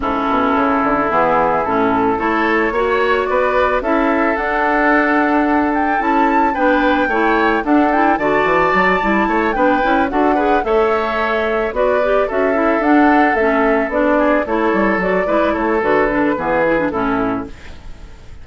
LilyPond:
<<
  \new Staff \with { instrumentName = "flute" } { \time 4/4 \tempo 4 = 110 a'2 gis'4 a'4 | cis''2 d''4 e''4 | fis''2~ fis''8 g''8 a''4 | g''2 fis''8 g''8 a''4~ |
a''4. g''4 fis''4 e''8~ | e''4. d''4 e''4 fis''8~ | fis''8 e''4 d''4 cis''4 d''8~ | d''8 cis''8 b'2 a'4 | }
  \new Staff \with { instrumentName = "oboe" } { \time 4/4 e'1 | a'4 cis''4 b'4 a'4~ | a'1 | b'4 cis''4 a'4 d''4~ |
d''4 cis''8 b'4 a'8 b'8 cis''8~ | cis''4. b'4 a'4.~ | a'2 gis'8 a'4. | b'8 a'4. gis'4 e'4 | }
  \new Staff \with { instrumentName = "clarinet" } { \time 4/4 cis'2 b4 cis'4 | e'4 fis'2 e'4 | d'2. e'4 | d'4 e'4 d'8 e'8 fis'4~ |
fis'8 e'4 d'8 e'8 fis'8 gis'8 a'8~ | a'4. fis'8 g'8 fis'8 e'8 d'8~ | d'8 cis'4 d'4 e'4 fis'8 | e'4 fis'8 d'8 b8 e'16 d'16 cis'4 | }
  \new Staff \with { instrumentName = "bassoon" } { \time 4/4 a,8 b,8 cis8 d8 e4 a,4 | a4 ais4 b4 cis'4 | d'2. cis'4 | b4 a4 d'4 d8 e8 |
fis8 g8 a8 b8 cis'8 d'4 a8~ | a4. b4 cis'4 d'8~ | d'8 a4 b4 a8 g8 fis8 | gis8 a8 d4 e4 a,4 | }
>>